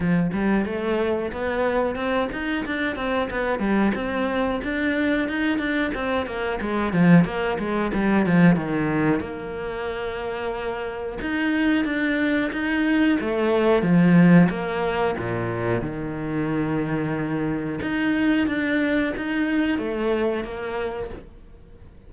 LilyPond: \new Staff \with { instrumentName = "cello" } { \time 4/4 \tempo 4 = 91 f8 g8 a4 b4 c'8 dis'8 | d'8 c'8 b8 g8 c'4 d'4 | dis'8 d'8 c'8 ais8 gis8 f8 ais8 gis8 | g8 f8 dis4 ais2~ |
ais4 dis'4 d'4 dis'4 | a4 f4 ais4 ais,4 | dis2. dis'4 | d'4 dis'4 a4 ais4 | }